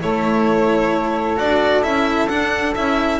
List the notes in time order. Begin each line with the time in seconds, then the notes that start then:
0.00 A3 E4 A4 C#5
1.37 D4 F#4 D5
1.82 C#4 E4 E5
2.28 D4 F#5
2.75 C#4 E4 E5